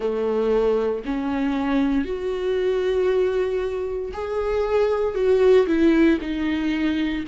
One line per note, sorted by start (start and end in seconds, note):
0.00 1.03 A3
1.05 2.05 C#4
2.05 4.11 F#4
4.13 5.14 G#4
5.14 5.66 F#4
5.67 6.18 E4
6.21 7.24 D#4